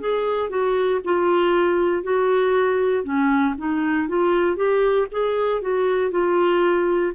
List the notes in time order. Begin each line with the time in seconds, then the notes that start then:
0.00 G#4
0.49 F#4
1.04 F4
2.03 F#4
3.04 C#4
3.58 D#4
4.08 F4
4.56 G4
5.11 G#4
5.61 F#4
6.11 F4